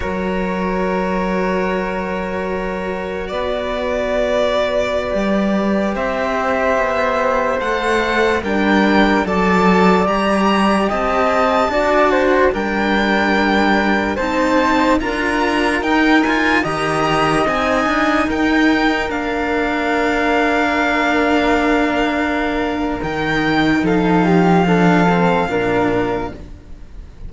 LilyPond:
<<
  \new Staff \with { instrumentName = "violin" } { \time 4/4 \tempo 4 = 73 cis''1 | d''2.~ d''16 e''8.~ | e''4~ e''16 fis''4 g''4 a''8.~ | a''16 ais''4 a''2 g''8.~ |
g''4~ g''16 a''4 ais''4 g''8 gis''16~ | gis''16 ais''4 gis''4 g''4 f''8.~ | f''1 | g''4 f''2. | }
  \new Staff \with { instrumentName = "flute" } { \time 4/4 ais'1 | b'2.~ b'16 c''8.~ | c''2~ c''16 ais'4 d''8.~ | d''4~ d''16 dis''4 d''8 c''8 ais'8.~ |
ais'4~ ais'16 c''4 ais'4.~ ais'16~ | ais'16 dis''2 ais'4.~ ais'16~ | ais'1~ | ais'4 a'8 g'8 a'4 ais'4 | }
  \new Staff \with { instrumentName = "cello" } { \time 4/4 fis'1~ | fis'2~ fis'16 g'4.~ g'16~ | g'4~ g'16 a'4 d'4 a'8.~ | a'16 g'2 fis'4 d'8.~ |
d'4~ d'16 dis'4 f'4 dis'8 f'16~ | f'16 g'4 dis'2 d'8.~ | d'1 | dis'2 d'8 c'8 d'4 | }
  \new Staff \with { instrumentName = "cello" } { \time 4/4 fis1 | b2~ b16 g4 c'8.~ | c'16 b4 a4 g4 fis8.~ | fis16 g4 c'4 d'4 g8.~ |
g4~ g16 c'4 d'4 dis'8.~ | dis'16 dis4 c'8 d'8 dis'4 ais8.~ | ais1 | dis4 f2 ais,4 | }
>>